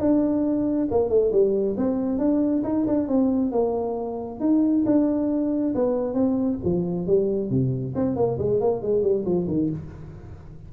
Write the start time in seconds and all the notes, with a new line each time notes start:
0.00 D4
0.91 A#3
1.09 A3
1.32 G3
1.77 C4
2.18 D4
2.64 D#4
2.87 D4
3.08 C4
3.52 A#3
4.40 D#4
4.86 D4
5.75 B3
6.14 C4
6.65 F3
7.07 G3
7.50 C3
7.95 C4
8.16 A#3
8.39 G#3
8.60 A#3
8.82 G#3
9.03 G3
9.25 F3
9.48 D#3